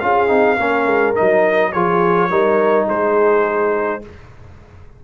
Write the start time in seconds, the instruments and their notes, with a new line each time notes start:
0.00 tuba C#4, trombone F4, horn G#4, trumpet F5
0.28 tuba C4, trombone D#4
0.58 tuba A#3, trombone C#4, horn A#4
0.86 tuba G#3
1.15 tuba F#3, trombone D#4, trumpet D#5
1.72 tuba F3, trombone F4, horn G#4, trumpet C#5
2.30 tuba G3, trombone D#4, horn A#4
2.88 tuba G#3, horn G#4, trumpet C5